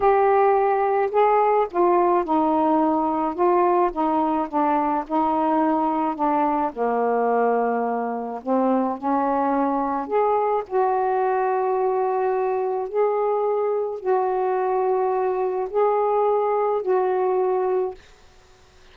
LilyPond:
\new Staff \with { instrumentName = "saxophone" } { \time 4/4 \tempo 4 = 107 g'2 gis'4 f'4 | dis'2 f'4 dis'4 | d'4 dis'2 d'4 | ais2. c'4 |
cis'2 gis'4 fis'4~ | fis'2. gis'4~ | gis'4 fis'2. | gis'2 fis'2 | }